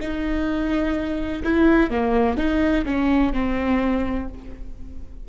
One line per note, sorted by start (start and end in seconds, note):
0.00 1.43 D#4
1.44 1.90 E4
1.90 2.37 A#3
2.37 2.85 D#4
2.85 3.33 C#4
3.33 4.28 C4